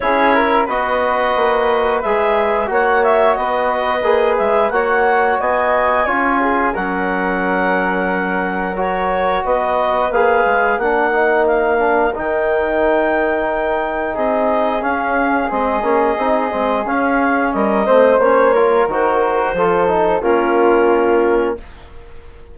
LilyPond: <<
  \new Staff \with { instrumentName = "clarinet" } { \time 4/4 \tempo 4 = 89 cis''4 dis''2 e''4 | fis''8 e''8 dis''4. e''8 fis''4 | gis''2 fis''2~ | fis''4 cis''4 dis''4 f''4 |
fis''4 f''4 g''2~ | g''4 dis''4 f''4 dis''4~ | dis''4 f''4 dis''4 cis''4 | c''2 ais'2 | }
  \new Staff \with { instrumentName = "flute" } { \time 4/4 gis'8 ais'8 b'2. | cis''4 b'2 cis''4 | dis''4 cis''8 gis'8 ais'2~ | ais'2 b'2 |
ais'1~ | ais'4 gis'2.~ | gis'2 ais'8 c''4 ais'8~ | ais'4 a'4 f'2 | }
  \new Staff \with { instrumentName = "trombone" } { \time 4/4 e'4 fis'2 gis'4 | fis'2 gis'4 fis'4~ | fis'4 f'4 cis'2~ | cis'4 fis'2 gis'4 |
d'8 dis'4 d'8 dis'2~ | dis'2 cis'4 c'8 cis'8 | dis'8 c'8 cis'4. c'8 cis'8 f'8 | fis'4 f'8 dis'8 cis'2 | }
  \new Staff \with { instrumentName = "bassoon" } { \time 4/4 cis'4 b4 ais4 gis4 | ais4 b4 ais8 gis8 ais4 | b4 cis'4 fis2~ | fis2 b4 ais8 gis8 |
ais2 dis2~ | dis4 c'4 cis'4 gis8 ais8 | c'8 gis8 cis'4 g8 a8 ais4 | dis4 f4 ais2 | }
>>